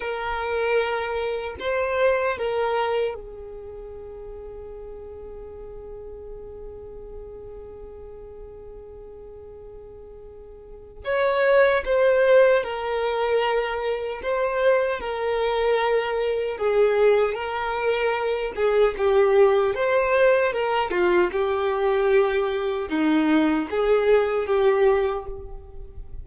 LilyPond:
\new Staff \with { instrumentName = "violin" } { \time 4/4 \tempo 4 = 76 ais'2 c''4 ais'4 | gis'1~ | gis'1~ | gis'2 cis''4 c''4 |
ais'2 c''4 ais'4~ | ais'4 gis'4 ais'4. gis'8 | g'4 c''4 ais'8 f'8 g'4~ | g'4 dis'4 gis'4 g'4 | }